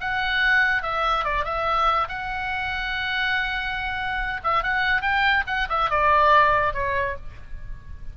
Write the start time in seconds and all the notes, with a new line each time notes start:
0.00 F#5
0.82 E5
1.24 D5
1.44 E5
2.08 F#5
4.43 E5
4.63 F#5
5.01 G5
5.46 F#5
5.69 E5
5.90 D5
6.73 C#5